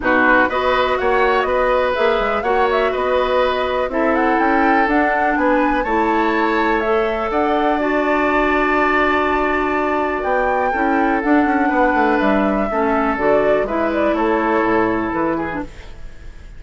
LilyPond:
<<
  \new Staff \with { instrumentName = "flute" } { \time 4/4 \tempo 4 = 123 b'4 dis''4 fis''4 dis''4 | e''4 fis''8 e''8 dis''2 | e''8 fis''8 g''4 fis''4 gis''4 | a''2 e''4 fis''4 |
a''1~ | a''4 g''2 fis''4~ | fis''4 e''2 d''4 | e''8 d''8 cis''2 b'4 | }
  \new Staff \with { instrumentName = "oboe" } { \time 4/4 fis'4 b'4 cis''4 b'4~ | b'4 cis''4 b'2 | a'2. b'4 | cis''2. d''4~ |
d''1~ | d''2 a'2 | b'2 a'2 | b'4 a'2~ a'8 gis'8 | }
  \new Staff \with { instrumentName = "clarinet" } { \time 4/4 dis'4 fis'2. | gis'4 fis'2. | e'2 d'2 | e'2 a'2 |
fis'1~ | fis'2 e'4 d'4~ | d'2 cis'4 fis'4 | e'2.~ e'8. d'16 | }
  \new Staff \with { instrumentName = "bassoon" } { \time 4/4 b,4 b4 ais4 b4 | ais8 gis8 ais4 b2 | c'4 cis'4 d'4 b4 | a2. d'4~ |
d'1~ | d'4 b4 cis'4 d'8 cis'8 | b8 a8 g4 a4 d4 | gis4 a4 a,4 e4 | }
>>